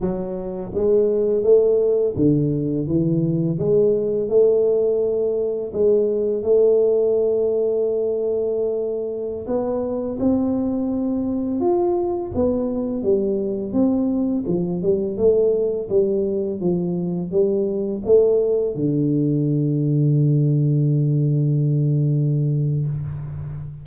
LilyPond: \new Staff \with { instrumentName = "tuba" } { \time 4/4 \tempo 4 = 84 fis4 gis4 a4 d4 | e4 gis4 a2 | gis4 a2.~ | a4~ a16 b4 c'4.~ c'16~ |
c'16 f'4 b4 g4 c'8.~ | c'16 f8 g8 a4 g4 f8.~ | f16 g4 a4 d4.~ d16~ | d1 | }